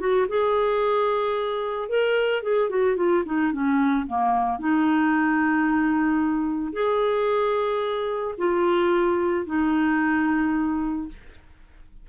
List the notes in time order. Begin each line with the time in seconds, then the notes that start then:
0.00 F#4
0.29 G#4
1.89 A#4
2.43 G#4
2.70 F#4
2.97 F4
3.26 D#4
3.53 C#4
4.07 A#3
4.59 D#4
6.73 G#4
8.38 F4
9.46 D#4